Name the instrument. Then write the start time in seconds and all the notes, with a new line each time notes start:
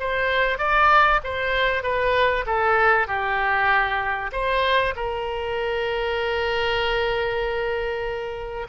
oboe
0.00 C5
0.58 D5
1.24 C5
1.83 B4
2.46 A4
3.08 G4
4.33 C5
4.96 A#4